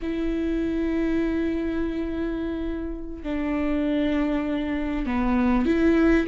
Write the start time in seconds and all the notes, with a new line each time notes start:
0.02 E4
3.23 D4
5.06 B3
5.65 E4